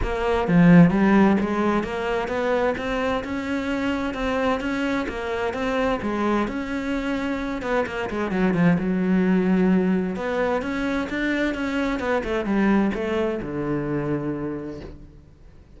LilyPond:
\new Staff \with { instrumentName = "cello" } { \time 4/4 \tempo 4 = 130 ais4 f4 g4 gis4 | ais4 b4 c'4 cis'4~ | cis'4 c'4 cis'4 ais4 | c'4 gis4 cis'2~ |
cis'8 b8 ais8 gis8 fis8 f8 fis4~ | fis2 b4 cis'4 | d'4 cis'4 b8 a8 g4 | a4 d2. | }